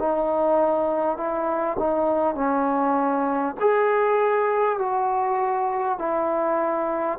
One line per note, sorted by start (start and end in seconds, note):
0.00 1.18 D#4
1.18 1.78 E4
1.79 2.36 D#4
2.36 3.56 C#4
3.61 4.79 G#4
4.79 5.99 F#4
5.99 7.19 E4